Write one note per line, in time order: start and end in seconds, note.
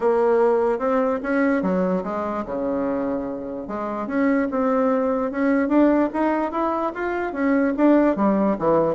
0.00 0.78 A#3
0.78 1.19 C4
1.22 1.62 C#4
1.62 2.03 F#3
2.03 2.44 G#3
2.45 3.67 C#3
3.67 4.07 G#3
4.07 4.47 C#4
4.50 5.31 C4
5.31 5.68 C#4
5.68 6.09 D4
6.13 6.51 D#4
6.51 6.92 E4
6.94 7.32 F4
7.32 7.73 C#4
7.76 8.16 D4
8.16 8.56 G3
8.58 8.95 E3